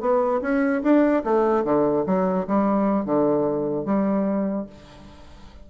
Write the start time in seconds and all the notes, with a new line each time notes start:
0.00 B3
0.41 C#4
0.82 D4
1.23 A3
1.64 D3
2.06 F#3
2.47 G3
3.05 D3
3.85 G3